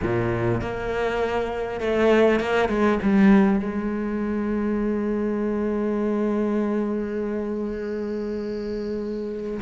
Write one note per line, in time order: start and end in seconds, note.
0.02 0.61 A#2
0.61 1.80 A#3
1.80 2.40 A3
2.40 2.68 A#3
2.68 2.98 G#3
3.02 3.59 G3
3.59 9.59 G#3